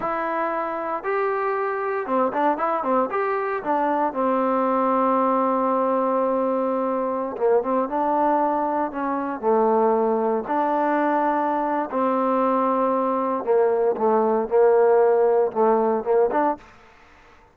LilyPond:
\new Staff \with { instrumentName = "trombone" } { \time 4/4 \tempo 4 = 116 e'2 g'2 | c'8 d'8 e'8 c'8 g'4 d'4 | c'1~ | c'2~ c'16 ais8 c'8 d'8.~ |
d'4~ d'16 cis'4 a4.~ a16~ | a16 d'2~ d'8. c'4~ | c'2 ais4 a4 | ais2 a4 ais8 d'8 | }